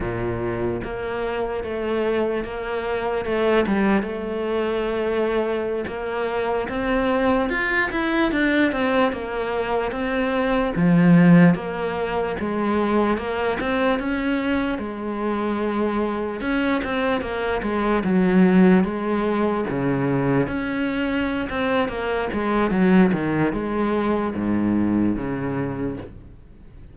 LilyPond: \new Staff \with { instrumentName = "cello" } { \time 4/4 \tempo 4 = 74 ais,4 ais4 a4 ais4 | a8 g8 a2~ a16 ais8.~ | ais16 c'4 f'8 e'8 d'8 c'8 ais8.~ | ais16 c'4 f4 ais4 gis8.~ |
gis16 ais8 c'8 cis'4 gis4.~ gis16~ | gis16 cis'8 c'8 ais8 gis8 fis4 gis8.~ | gis16 cis4 cis'4~ cis'16 c'8 ais8 gis8 | fis8 dis8 gis4 gis,4 cis4 | }